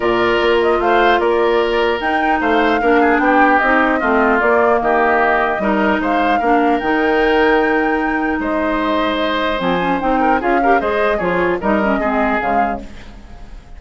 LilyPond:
<<
  \new Staff \with { instrumentName = "flute" } { \time 4/4 \tempo 4 = 150 d''4. dis''8 f''4 d''4~ | d''4 g''4 f''2 | g''4 dis''2 d''4 | dis''2. f''4~ |
f''4 g''2.~ | g''4 dis''2. | gis''4 g''4 f''4 dis''4 | cis''4 dis''2 f''4 | }
  \new Staff \with { instrumentName = "oboe" } { \time 4/4 ais'2 c''4 ais'4~ | ais'2 c''4 ais'8 gis'8 | g'2 f'2 | g'2 ais'4 c''4 |
ais'1~ | ais'4 c''2.~ | c''4. ais'8 gis'8 ais'8 c''4 | gis'4 ais'4 gis'2 | }
  \new Staff \with { instrumentName = "clarinet" } { \time 4/4 f'1~ | f'4 dis'2 d'4~ | d'4 dis'4 c'4 ais4~ | ais2 dis'2 |
d'4 dis'2.~ | dis'1 | c'8 cis'8 dis'4 f'8 g'8 gis'4 | f'4 dis'8 cis'8 c'4 gis4 | }
  \new Staff \with { instrumentName = "bassoon" } { \time 4/4 ais,4 ais4 a4 ais4~ | ais4 dis'4 a4 ais4 | b4 c'4 a4 ais4 | dis2 g4 gis4 |
ais4 dis2.~ | dis4 gis2. | f4 c'4 cis'4 gis4 | f4 g4 gis4 cis4 | }
>>